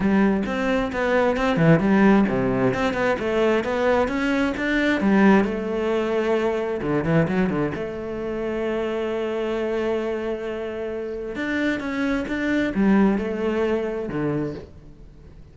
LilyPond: \new Staff \with { instrumentName = "cello" } { \time 4/4 \tempo 4 = 132 g4 c'4 b4 c'8 e8 | g4 c4 c'8 b8 a4 | b4 cis'4 d'4 g4 | a2. d8 e8 |
fis8 d8 a2.~ | a1~ | a4 d'4 cis'4 d'4 | g4 a2 d4 | }